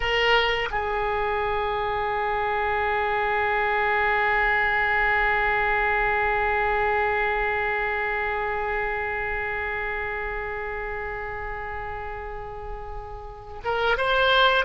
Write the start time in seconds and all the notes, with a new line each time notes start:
0.00 A#4
0.70 G#4
13.64 A#4
13.97 C5